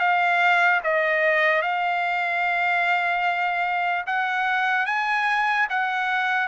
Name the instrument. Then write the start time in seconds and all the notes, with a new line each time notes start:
trumpet
0.00 F5
0.84 D#5
1.63 F5
4.07 F#5
4.86 G#5
5.70 F#5